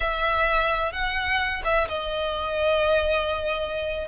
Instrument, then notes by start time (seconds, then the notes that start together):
violin
0.00 E5
0.92 F#5
1.64 E5
1.88 D#5